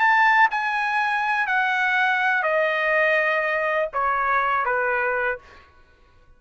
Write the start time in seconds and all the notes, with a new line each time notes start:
0.00 A5
0.51 G#5
1.47 F#5
2.43 D#5
3.94 C#5
4.66 B4